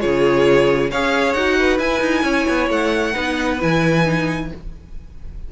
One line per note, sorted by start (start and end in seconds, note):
0.00 0.93 C#3
0.00 0.90 F4
0.00 0.91 G#4
0.00 0.90 C#5
0.91 1.34 C#4
0.91 1.38 G#4
0.91 1.58 C#5
0.91 1.33 F5
1.33 1.79 D#4
1.33 1.80 F#4
1.33 1.78 F#5
1.59 2.24 B4
1.79 2.01 E4
1.79 3.14 E4
1.79 2.69 G#5
2.01 2.23 D#4
2.23 2.46 C#4
2.23 3.13 C#5
2.48 2.70 B3
2.70 3.14 A3
2.70 3.61 F#5
3.13 3.62 B3
3.13 3.59 D#4
3.13 4.48 B4
3.60 4.52 E3
3.60 4.05 E4
3.60 4.52 G#5
4.05 4.49 D#4